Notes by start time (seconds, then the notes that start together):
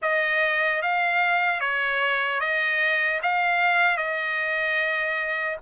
0.01 D#5
0.81 F5
1.60 C#5
2.40 D#5
3.22 F5
3.97 D#5